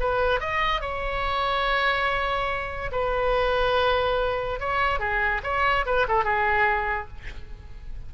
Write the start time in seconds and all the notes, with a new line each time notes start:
0.00 B4
0.40 D#5
0.81 C#5
2.92 B4
4.60 C#5
4.99 G#4
5.43 C#5
5.86 B4
6.08 A4
6.24 G#4